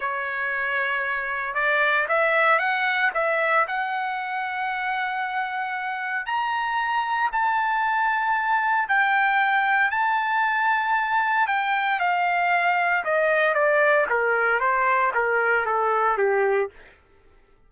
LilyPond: \new Staff \with { instrumentName = "trumpet" } { \time 4/4 \tempo 4 = 115 cis''2. d''4 | e''4 fis''4 e''4 fis''4~ | fis''1 | ais''2 a''2~ |
a''4 g''2 a''4~ | a''2 g''4 f''4~ | f''4 dis''4 d''4 ais'4 | c''4 ais'4 a'4 g'4 | }